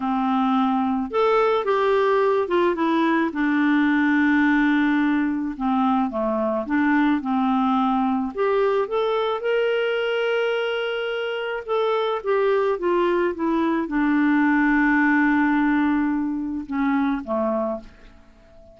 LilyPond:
\new Staff \with { instrumentName = "clarinet" } { \time 4/4 \tempo 4 = 108 c'2 a'4 g'4~ | g'8 f'8 e'4 d'2~ | d'2 c'4 a4 | d'4 c'2 g'4 |
a'4 ais'2.~ | ais'4 a'4 g'4 f'4 | e'4 d'2.~ | d'2 cis'4 a4 | }